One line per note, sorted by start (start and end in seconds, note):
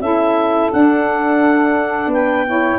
0.00 0.70 C#4
0.00 0.71 E4
0.00 2.11 A4
0.00 0.70 E5
0.72 2.46 D4
0.72 2.07 D4
0.72 2.11 F#5
2.07 2.76 B3
2.07 2.46 B4
2.13 2.79 G5
2.47 2.79 E4
2.47 2.79 C#5